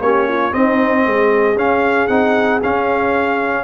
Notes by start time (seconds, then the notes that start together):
0.00 A#3 C#4 G4 C#5
0.29 F4
0.51 C4 D#4 D#5
1.06 G#3 G#4
1.56 C#4 F5
2.08 C4 D#4 F#5
2.63 C#4 F5